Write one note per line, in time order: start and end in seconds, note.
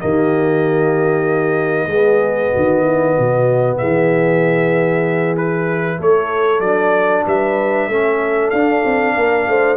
0.00 1.87 D#3
0.00 1.89 A#3
0.00 1.89 G4
0.00 3.78 D#5
1.87 2.50 G#3
1.87 5.39 B3
1.87 2.52 G#4
2.52 3.19 D#3
2.52 2.83 F#4
2.83 3.14 E4
3.17 3.82 B2
3.17 3.79 F#4
3.78 5.99 E3
3.78 5.98 G#4
3.78 5.36 E5
5.37 6.64 E4
5.37 6.00 B4
5.98 6.60 A3
5.98 7.25 A4
5.98 6.61 C#5
6.60 7.23 F#3
6.60 7.91 D4
6.60 7.24 D5
7.27 7.88 G3
7.27 7.90 B4
7.27 8.50 E5
7.88 8.51 A3
7.88 8.54 C#4
7.88 9.15 A4
8.50 8.84 D4
8.50 9.77 D4
8.50 9.77 F5
8.85 9.16 C4
9.15 9.47 A#3
9.15 9.47 A#4
9.48 9.77 A3
9.48 9.77 C5